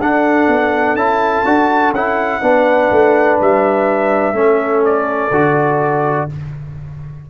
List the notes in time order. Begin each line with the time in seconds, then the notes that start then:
0.00 D4 A4 F#5
0.48 B3
0.95 C#4 E4 A5
1.45 D4 F#4
1.92 C#4 E4 F#5
2.42 B3 D4 B4
2.91 A3
3.41 G3 E5
4.33 A3 C#4 A4
4.85 D5
5.31 D3 F#4